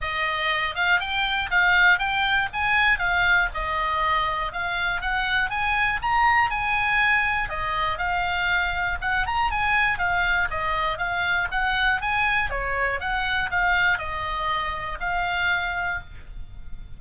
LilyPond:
\new Staff \with { instrumentName = "oboe" } { \time 4/4 \tempo 4 = 120 dis''4. f''8 g''4 f''4 | g''4 gis''4 f''4 dis''4~ | dis''4 f''4 fis''4 gis''4 | ais''4 gis''2 dis''4 |
f''2 fis''8 ais''8 gis''4 | f''4 dis''4 f''4 fis''4 | gis''4 cis''4 fis''4 f''4 | dis''2 f''2 | }